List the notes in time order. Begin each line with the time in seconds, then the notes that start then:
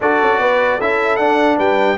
0.00 D4 F#4 A4 D5
0.22 C#4
0.38 B3 B4
0.77 C#4 E4 A4 E5
1.16 D4 F#5
1.57 G3 B4 G5